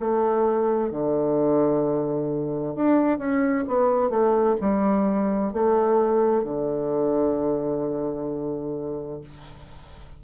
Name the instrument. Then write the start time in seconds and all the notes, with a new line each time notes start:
bassoon
0.00 A3
0.91 D3
2.76 D4
3.18 C#4
3.68 B3
4.10 A3
4.61 G3
5.53 A3
6.44 D3